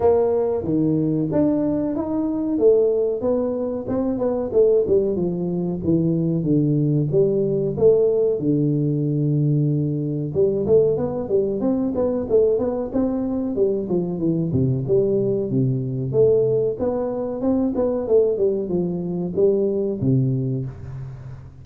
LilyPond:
\new Staff \with { instrumentName = "tuba" } { \time 4/4 \tempo 4 = 93 ais4 dis4 d'4 dis'4 | a4 b4 c'8 b8 a8 g8 | f4 e4 d4 g4 | a4 d2. |
g8 a8 b8 g8 c'8 b8 a8 b8 | c'4 g8 f8 e8 c8 g4 | c4 a4 b4 c'8 b8 | a8 g8 f4 g4 c4 | }